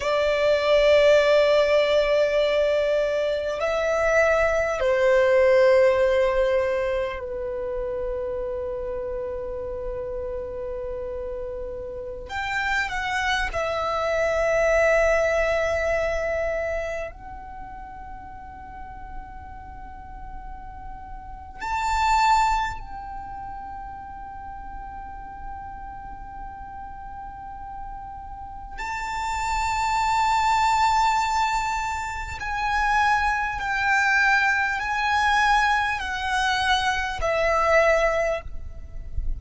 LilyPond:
\new Staff \with { instrumentName = "violin" } { \time 4/4 \tempo 4 = 50 d''2. e''4 | c''2 b'2~ | b'2~ b'16 g''8 fis''8 e''8.~ | e''2~ e''16 fis''4.~ fis''16~ |
fis''2 a''4 g''4~ | g''1 | a''2. gis''4 | g''4 gis''4 fis''4 e''4 | }